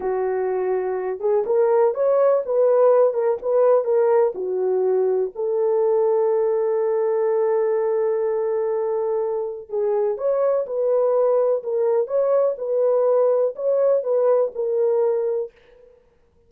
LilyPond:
\new Staff \with { instrumentName = "horn" } { \time 4/4 \tempo 4 = 124 fis'2~ fis'8 gis'8 ais'4 | cis''4 b'4. ais'8 b'4 | ais'4 fis'2 a'4~ | a'1~ |
a'1 | gis'4 cis''4 b'2 | ais'4 cis''4 b'2 | cis''4 b'4 ais'2 | }